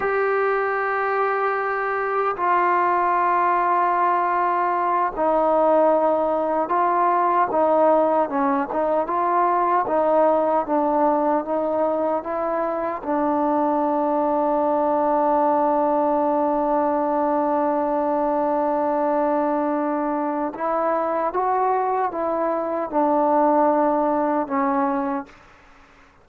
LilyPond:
\new Staff \with { instrumentName = "trombone" } { \time 4/4 \tempo 4 = 76 g'2. f'4~ | f'2~ f'8 dis'4.~ | dis'8 f'4 dis'4 cis'8 dis'8 f'8~ | f'8 dis'4 d'4 dis'4 e'8~ |
e'8 d'2.~ d'8~ | d'1~ | d'2 e'4 fis'4 | e'4 d'2 cis'4 | }